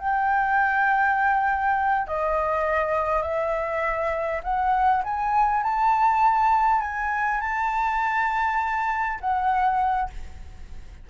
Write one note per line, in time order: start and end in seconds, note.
0.00 2.08 G5
2.08 3.23 D#5
3.23 4.41 E5
4.44 5.03 F#5
5.04 5.63 G#5
5.63 6.82 A5
6.82 7.41 G#5
7.41 9.19 A5
9.21 10.10 F#5